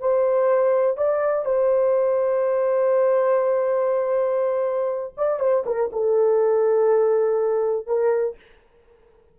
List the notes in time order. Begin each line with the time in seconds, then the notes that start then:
0.00 C5
0.97 D5
1.45 C5
5.17 D5
5.39 C5
5.66 A#4
5.92 A4
7.87 A#4